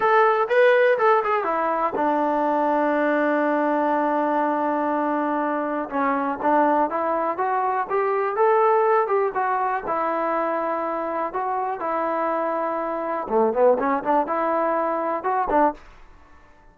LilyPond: \new Staff \with { instrumentName = "trombone" } { \time 4/4 \tempo 4 = 122 a'4 b'4 a'8 gis'8 e'4 | d'1~ | d'1 | cis'4 d'4 e'4 fis'4 |
g'4 a'4. g'8 fis'4 | e'2. fis'4 | e'2. a8 b8 | cis'8 d'8 e'2 fis'8 d'8 | }